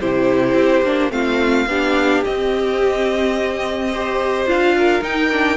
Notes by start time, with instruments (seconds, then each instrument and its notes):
0.00 cello C3, viola E4, violin G4 C5
0.54 cello C4
0.83 cello A#3, viola D4
1.10 cello A3, viola C4, violin F4 F5
1.66 cello B3, viola D4, violin G4
2.24 viola C4, cello C4, violin D#5
3.91 viola G4, violin C5
4.46 cello D4, viola F4, violin F5
4.77 violin A#4
5.01 viola D#4, cello D#4, violin G5
5.32 viola D4